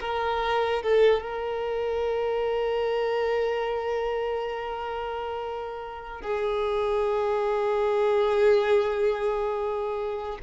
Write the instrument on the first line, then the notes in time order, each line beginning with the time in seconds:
violin
0.00 A#4
0.82 A4
1.22 A#4
6.21 G#4